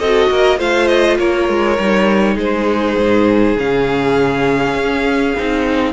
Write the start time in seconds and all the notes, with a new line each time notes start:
0.00 C4 F#4 A4 D#5
0.30 A#3 A#4
0.59 A3 F4 C5 F5
0.88 D#5
1.19 A#3 A#4 C#5
1.49 G#3
1.79 G3 D#4
2.35 G#3 G#4 C5
2.97 G#2
3.58 C#3 C#4 F5
4.75 C#4
5.38 C4 D#4